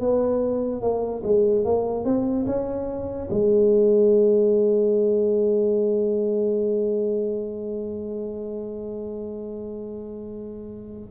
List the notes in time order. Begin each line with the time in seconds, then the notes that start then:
0.00 B3
0.81 A#3
1.23 G#3
1.64 A#3
2.04 C4
2.46 C#4
3.30 G#3